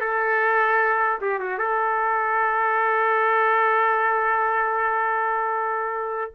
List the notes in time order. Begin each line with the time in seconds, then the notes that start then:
0.00 A4
1.21 G4
1.39 F#4
1.58 A4